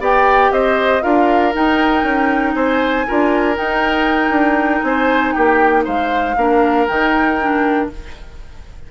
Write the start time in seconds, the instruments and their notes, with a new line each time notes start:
0.00 bassoon B3, clarinet G4, oboe D5, flute G5
0.51 bassoon C4, oboe C5, flute D#5
1.02 bassoon D4, clarinet F4, oboe A#4, flute F5
1.53 clarinet D#4, bassoon D#4, flute G5
2.03 bassoon C#4
2.54 bassoon C4, oboe C5, flute G#5
3.07 bassoon D4, clarinet F4, oboe A#4
3.55 clarinet D#4, bassoon D#4, flute G5
4.30 bassoon D4
4.83 bassoon C4, oboe C5, flute G#5
5.33 bassoon A#3, oboe G4, flute G5
5.84 bassoon G#3, oboe C5, flute F5
6.36 bassoon A#3, clarinet D4, oboe A#4
6.87 bassoon D#3, clarinet D#4, flute G5
7.40 clarinet D4